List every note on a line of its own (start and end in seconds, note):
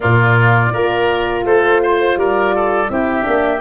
0.00 0.73 A#2
0.00 0.72 A#3
0.00 0.73 F4
0.00 1.42 D5
0.73 1.44 A#3
0.73 2.89 F4
0.73 1.45 A#4
1.44 2.16 A3
1.44 1.81 A4
1.44 2.17 C5
1.83 2.19 C5
2.16 2.88 G3
2.16 2.55 A#4
2.16 2.88 D5
2.55 2.91 A4
2.88 3.26 C4
2.88 3.22 E4
2.88 3.60 G4
2.88 3.60 E5
3.22 3.60 A#3
3.22 3.58 D4